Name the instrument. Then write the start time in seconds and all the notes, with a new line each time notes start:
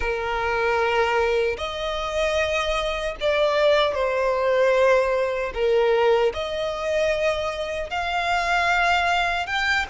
violin
0.00 A#4
1.57 D#5
3.20 D5
3.94 C5
5.53 A#4
6.33 D#5
7.89 F5
9.46 G5